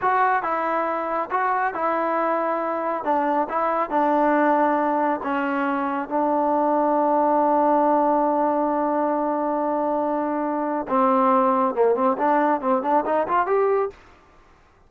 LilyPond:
\new Staff \with { instrumentName = "trombone" } { \time 4/4 \tempo 4 = 138 fis'4 e'2 fis'4 | e'2. d'4 | e'4 d'2. | cis'2 d'2~ |
d'1~ | d'1~ | d'4 c'2 ais8 c'8 | d'4 c'8 d'8 dis'8 f'8 g'4 | }